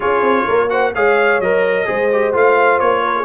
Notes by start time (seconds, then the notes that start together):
0.00 C#4 F4 G#4 C#5
0.21 C4
0.46 A#3 A#4
0.69 F#4 C5 F#5
0.94 G#3 G#4 C#5 F5
1.39 F#3 A#4 D#5
1.85 G#3 G#4 C5
2.12 G4
2.33 A3 F4 F5
2.79 A#3 C#5
3.04 A#4
3.16 G#4